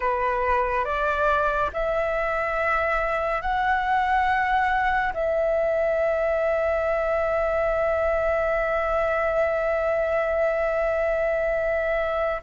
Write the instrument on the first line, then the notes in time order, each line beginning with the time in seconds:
flute
0.00 B4
0.85 D5
1.73 E5
3.41 F#5
5.13 E5